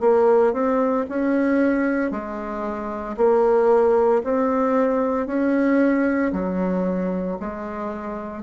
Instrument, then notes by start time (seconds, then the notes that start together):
bassoon
0.00 A#3
0.53 C4
1.09 C#4
2.11 G#3
3.17 A#3
4.23 C4
5.26 C#4
6.33 F#3
7.40 G#3